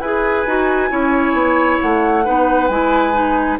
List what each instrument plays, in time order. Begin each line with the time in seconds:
0.00 bassoon E4, clarinet G#4, oboe B4, flute G#5
0.46 bassoon D#4, clarinet F#4
0.90 bassoon C#4, clarinet E4, oboe C#5
1.34 bassoon B3
1.81 bassoon A3, flute F#5
2.25 bassoon B3, clarinet D#4, oboe B4
2.68 bassoon G#3, clarinet E4, flute G#5
3.13 clarinet D#4